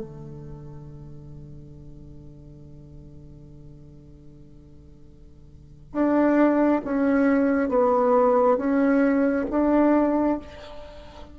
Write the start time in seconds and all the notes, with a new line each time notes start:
0.00 D3
5.93 D4
6.85 C#4
7.69 B3
8.57 C#4
9.51 D4